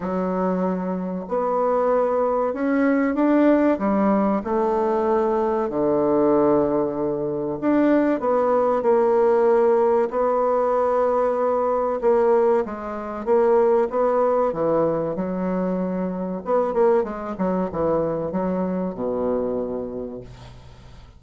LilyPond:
\new Staff \with { instrumentName = "bassoon" } { \time 4/4 \tempo 4 = 95 fis2 b2 | cis'4 d'4 g4 a4~ | a4 d2. | d'4 b4 ais2 |
b2. ais4 | gis4 ais4 b4 e4 | fis2 b8 ais8 gis8 fis8 | e4 fis4 b,2 | }